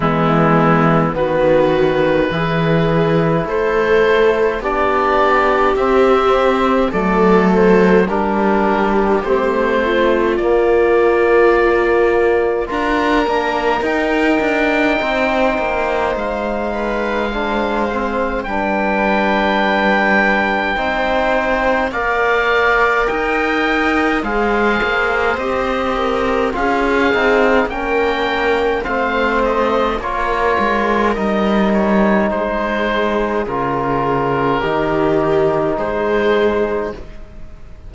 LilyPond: <<
  \new Staff \with { instrumentName = "oboe" } { \time 4/4 \tempo 4 = 52 e'4 b'2 c''4 | d''4 e''4 d''8 c''8 ais'4 | c''4 d''2 ais''4 | g''2 f''2 |
g''2. f''4 | g''4 f''4 dis''4 f''4 | g''4 f''8 dis''8 cis''4 dis''8 cis''8 | c''4 ais'2 c''4 | }
  \new Staff \with { instrumentName = "viola" } { \time 4/4 b4 fis'4 gis'4 a'4 | g'2 a'4 g'4~ | g'8 f'2~ f'8 ais'4~ | ais'4 c''4. b'8 c''4 |
b'2 c''4 d''4 | dis''4 c''4. ais'8 gis'4 | ais'4 c''4 ais'2 | gis'2 g'4 gis'4 | }
  \new Staff \with { instrumentName = "trombone" } { \time 4/4 gis4 b4 e'2 | d'4 c'4 a4 d'4 | c'4 ais2 f'8 d'8 | dis'2. d'8 c'8 |
d'2 dis'4 ais'4~ | ais'4 gis'4 g'4 f'8 dis'8 | cis'4 c'4 f'4 dis'4~ | dis'4 f'4 dis'2 | }
  \new Staff \with { instrumentName = "cello" } { \time 4/4 e4 dis4 e4 a4 | b4 c'4 fis4 g4 | a4 ais2 d'8 ais8 | dis'8 d'8 c'8 ais8 gis2 |
g2 c'4 ais4 | dis'4 gis8 ais8 c'4 cis'8 c'8 | ais4 a4 ais8 gis8 g4 | gis4 cis4 dis4 gis4 | }
>>